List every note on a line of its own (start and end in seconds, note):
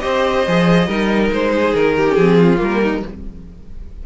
0.00 0.47 C4
0.00 0.45 G4
0.00 0.88 C5
0.00 1.29 D#5
0.47 0.88 F3
0.47 0.89 G#4
0.88 1.31 G3
0.88 2.07 D#4
0.88 1.52 A#4
1.31 1.74 G#3
1.31 1.75 C5
1.56 1.98 G#4
1.75 2.17 D#3
1.75 2.15 A#4
1.98 2.38 G4
2.08 2.19 C#4
2.15 2.60 F3
2.15 2.57 C4
2.15 2.58 G#4
2.38 2.81 F4
2.57 3.03 G3
2.57 3.00 A#3
2.64 3.07 A#4
2.83 3.04 D#4